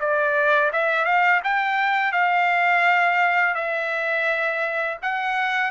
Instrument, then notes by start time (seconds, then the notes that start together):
trumpet
0.00 D5
0.73 E5
1.05 F5
1.44 G5
2.13 F5
3.55 E5
5.03 F#5